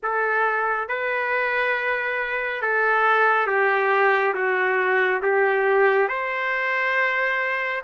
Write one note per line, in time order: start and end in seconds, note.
0.02 0.88 A4
0.88 2.62 B4
2.62 3.47 A4
3.47 4.34 G4
4.34 5.21 F#4
5.22 6.08 G4
6.08 7.82 C5